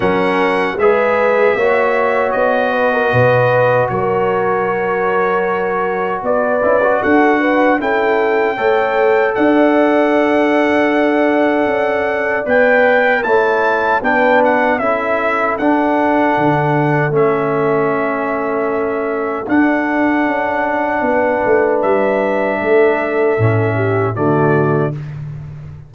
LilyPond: <<
  \new Staff \with { instrumentName = "trumpet" } { \time 4/4 \tempo 4 = 77 fis''4 e''2 dis''4~ | dis''4 cis''2. | d''4 fis''4 g''2 | fis''1 |
g''4 a''4 g''8 fis''8 e''4 | fis''2 e''2~ | e''4 fis''2. | e''2. d''4 | }
  \new Staff \with { instrumentName = "horn" } { \time 4/4 ais'4 b'4 cis''4. b'16 ais'16 | b'4 ais'2. | b'4 a'8 b'8 a'4 cis''4 | d''1~ |
d''4 cis''4 b'4 a'4~ | a'1~ | a'2. b'4~ | b'4 a'4. g'8 fis'4 | }
  \new Staff \with { instrumentName = "trombone" } { \time 4/4 cis'4 gis'4 fis'2~ | fis'1~ | fis'8 e'16 fis'4~ fis'16 e'4 a'4~ | a'1 |
b'4 e'4 d'4 e'4 | d'2 cis'2~ | cis'4 d'2.~ | d'2 cis'4 a4 | }
  \new Staff \with { instrumentName = "tuba" } { \time 4/4 fis4 gis4 ais4 b4 | b,4 fis2. | b8 cis'8 d'4 cis'4 a4 | d'2. cis'4 |
b4 a4 b4 cis'4 | d'4 d4 a2~ | a4 d'4 cis'4 b8 a8 | g4 a4 a,4 d4 | }
>>